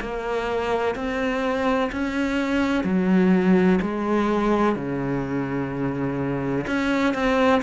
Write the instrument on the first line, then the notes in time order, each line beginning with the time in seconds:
cello
0.00 A#3
0.95 C4
1.92 C#4
2.84 F#3
3.81 G#3
4.75 C#3
6.67 C#4
7.14 C4